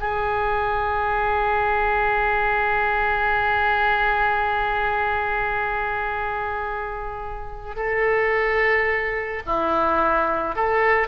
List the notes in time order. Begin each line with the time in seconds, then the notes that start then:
0.00 G#4
7.76 A4
9.46 E4
10.56 A4